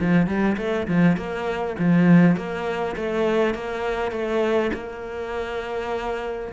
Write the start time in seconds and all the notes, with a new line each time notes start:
0.00 F3
0.26 G3
0.57 A3
0.87 F3
1.16 A#3
1.78 F3
2.36 A#3
2.95 A3
3.54 A#3
4.11 A3
4.73 A#3